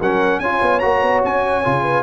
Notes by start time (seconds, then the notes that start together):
0.00 F#3 C#4 A#4 F#5
0.39 C#4 F4 C#5 G#5
0.61 B3
0.80 A#3 F#4 A#5
1.02 B3
1.23 C#4 G#5
1.64 C#3 F4
1.82 B4